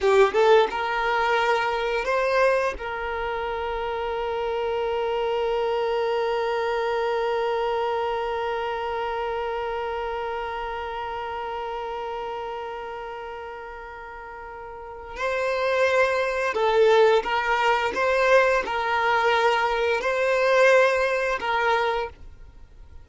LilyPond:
\new Staff \with { instrumentName = "violin" } { \time 4/4 \tempo 4 = 87 g'8 a'8 ais'2 c''4 | ais'1~ | ais'1~ | ais'1~ |
ais'1~ | ais'2 c''2 | a'4 ais'4 c''4 ais'4~ | ais'4 c''2 ais'4 | }